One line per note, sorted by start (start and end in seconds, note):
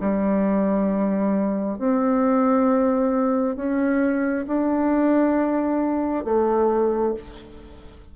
0.00 1.79 G3
1.79 3.56 C4
3.56 4.45 C#4
4.47 6.24 D4
6.24 7.14 A3